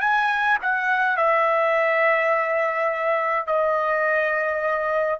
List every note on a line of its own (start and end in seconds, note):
0.00 0.58 G#5
0.61 1.16 F#5
1.16 3.47 E5
3.47 5.19 D#5